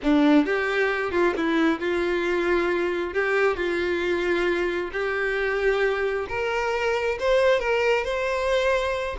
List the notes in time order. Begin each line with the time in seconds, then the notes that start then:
0.02 D4
0.45 G4
1.11 F4
1.36 E4
1.80 F4
3.13 G4
3.56 F4
4.92 G4
6.28 A#4
7.19 C5
7.59 A#4
8.04 C5